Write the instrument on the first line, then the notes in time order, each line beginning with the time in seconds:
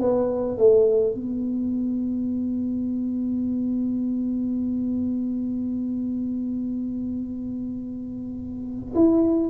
tuba
0.00 B3
0.57 A3
1.14 B3
8.95 E4